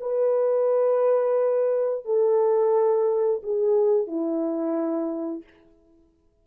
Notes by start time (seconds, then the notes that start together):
0.00 B4
2.05 A4
3.42 G#4
4.07 E4